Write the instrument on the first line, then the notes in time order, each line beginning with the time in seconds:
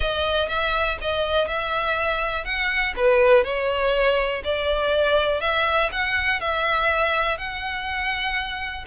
violin
0.00 D#5
0.48 E5
1.01 D#5
1.47 E5
2.44 F#5
2.96 B4
3.44 C#5
4.44 D5
5.40 E5
5.92 F#5
6.40 E5
7.37 F#5